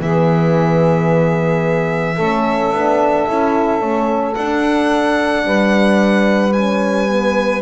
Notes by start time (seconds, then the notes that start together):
0.00 E3 B3 G#4 E5
2.16 A3 C#4 A4
2.73 B3 D4
3.28 C#4 E4
3.80 A3 C#4
4.35 D4 F#5
5.45 G3 B4
6.53 C#4 G#5
7.09 B3